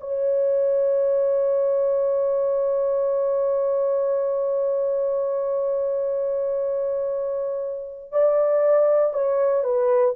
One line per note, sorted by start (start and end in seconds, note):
0.00 8.12 C#5
8.12 9.13 D5
9.13 9.64 C#5
9.64 10.15 B4